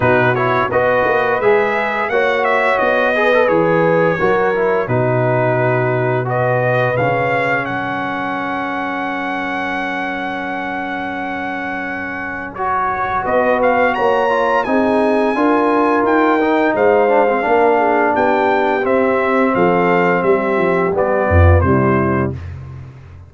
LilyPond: <<
  \new Staff \with { instrumentName = "trumpet" } { \time 4/4 \tempo 4 = 86 b'8 cis''8 dis''4 e''4 fis''8 e''8 | dis''4 cis''2 b'4~ | b'4 dis''4 f''4 fis''4~ | fis''1~ |
fis''2 cis''4 dis''8 f''8 | ais''4 gis''2 g''4 | f''2 g''4 e''4 | f''4 e''4 d''4 c''4 | }
  \new Staff \with { instrumentName = "horn" } { \time 4/4 fis'4 b'2 cis''4~ | cis''8 b'4. ais'4 fis'4~ | fis'4 b'2 ais'4~ | ais'1~ |
ais'2. b'4 | cis''4 gis'4 ais'2 | c''4 ais'8 gis'8 g'2 | a'4 g'4. f'8 e'4 | }
  \new Staff \with { instrumentName = "trombone" } { \time 4/4 dis'8 e'8 fis'4 gis'4 fis'4~ | fis'8 gis'16 a'16 gis'4 fis'8 e'8 dis'4~ | dis'4 fis'4 cis'2~ | cis'1~ |
cis'2 fis'2~ | fis'8 f'8 dis'4 f'4. dis'8~ | dis'8 d'16 c'16 d'2 c'4~ | c'2 b4 g4 | }
  \new Staff \with { instrumentName = "tuba" } { \time 4/4 b,4 b8 ais8 gis4 ais4 | b4 e4 fis4 b,4~ | b,2 cis4 fis4~ | fis1~ |
fis2. b4 | ais4 c'4 d'4 dis'4 | gis4 ais4 b4 c'4 | f4 g8 f8 g8 f,8 c4 | }
>>